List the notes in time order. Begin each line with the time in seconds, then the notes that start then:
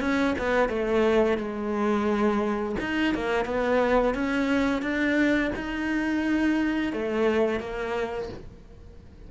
0.00 C#4
0.38 B3
0.69 A3
1.38 G#3
2.80 D#4
3.14 A#3
3.45 B3
4.14 C#4
4.82 D4
5.55 D#4
6.92 A3
7.60 A#3